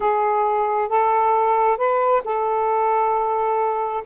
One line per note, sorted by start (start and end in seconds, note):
0.00 0.89 G#4
0.89 1.77 A4
1.77 2.21 B4
2.24 4.03 A4